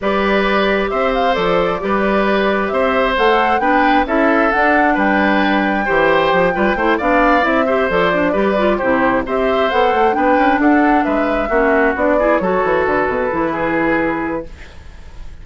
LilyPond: <<
  \new Staff \with { instrumentName = "flute" } { \time 4/4 \tempo 4 = 133 d''2 e''8 f''8 d''4~ | d''2 e''4 fis''4 | g''4 e''4 fis''4 g''4~ | g''2.~ g''8 f''8~ |
f''8 e''4 d''2 c''8~ | c''8 e''4 fis''4 g''4 fis''8~ | fis''8 e''2 d''4 cis''8~ | cis''8 b'2.~ b'8 | }
  \new Staff \with { instrumentName = "oboe" } { \time 4/4 b'2 c''2 | b'2 c''2 | b'4 a'2 b'4~ | b'4 c''4. b'8 c''8 d''8~ |
d''4 c''4. b'4 g'8~ | g'8 c''2 b'4 a'8~ | a'8 b'4 fis'4. gis'8 a'8~ | a'2 gis'2 | }
  \new Staff \with { instrumentName = "clarinet" } { \time 4/4 g'2. a'4 | g'2. a'4 | d'4 e'4 d'2~ | d'4 g'4. f'8 e'8 d'8~ |
d'8 e'8 g'8 a'8 d'8 g'8 f'8 e'8~ | e'8 g'4 a'4 d'4.~ | d'4. cis'4 d'8 e'8 fis'8~ | fis'4. e'2~ e'8 | }
  \new Staff \with { instrumentName = "bassoon" } { \time 4/4 g2 c'4 f4 | g2 c'4 a4 | b4 cis'4 d'4 g4~ | g4 e4 f8 g8 a8 b8~ |
b8 c'4 f4 g4 c8~ | c8 c'4 b8 a8 b8 cis'8 d'8~ | d'8 gis4 ais4 b4 fis8 | e8 d8 b,8 e2~ e8 | }
>>